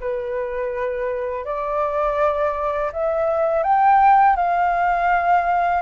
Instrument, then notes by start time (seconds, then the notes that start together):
flute
0.00 B4
1.45 D5
2.92 E5
3.63 G5
4.36 F5